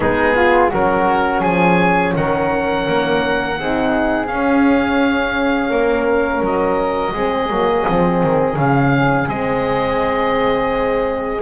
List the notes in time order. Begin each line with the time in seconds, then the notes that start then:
0.00 G#3 B3 D#4 G#4
0.35 F4
0.69 F#3 C#4 F#4 A#4
1.40 F3 G#4 G#5
2.15 D#3 A#4 F#5
2.88 A#3
3.58 C4 D#4 G#4
4.26 C#4 F5
5.69 A#3 A#4
6.40 F#3 D#5
7.13 G#3 C4 G#4
7.49 F#3 A#3
7.85 F3 C4
8.23 D#3
8.56 C#3 C#4 F5
9.27 G#3 C4 D#5